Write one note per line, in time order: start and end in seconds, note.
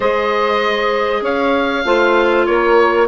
0.00 1.21 G#3
0.00 1.83 G#4
0.00 1.22 C5
0.00 1.24 D#5
1.21 1.83 C#4
1.21 1.84 C#5
1.21 2.45 F5
1.84 2.46 A3
1.84 3.07 F4
1.84 2.46 C5
2.45 3.07 A#3
2.45 3.07 A#4
2.45 3.07 C#5